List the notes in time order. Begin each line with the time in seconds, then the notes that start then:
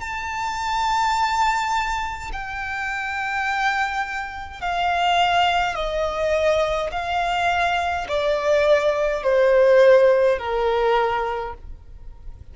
0.00 A5
2.33 G5
4.62 F5
5.75 D#5
6.92 F5
8.08 D5
9.23 C5
10.38 A#4